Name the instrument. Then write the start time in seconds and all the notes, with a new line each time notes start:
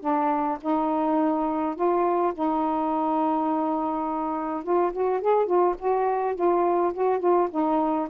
saxophone
0.00 D4
0.61 D#4
1.75 F4
2.33 D#4
4.63 F4
4.92 F#4
5.21 G#4
5.46 F4
5.78 F#4
6.35 F4
6.93 F#4
7.19 F4
7.50 D#4